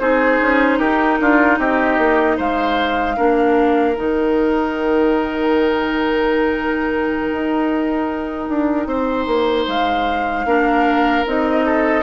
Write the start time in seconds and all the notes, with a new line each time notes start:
0.00 C4 D#4 G#4 C5
0.41 C#4
0.79 D#4 G4 A#4
1.20 D4 F4
1.59 C4 G4 D#5
1.98 A#3
2.37 G#3 C5 F5
3.17 A#3 D4 A#4
3.96 D#3 D#4 G5
7.32 D#4
8.49 D4
8.87 C4 C5
9.26 A#3
9.67 G#3 F5
10.45 A#3 D4 A#4
11.26 C4 D#4 D#5
11.66 A4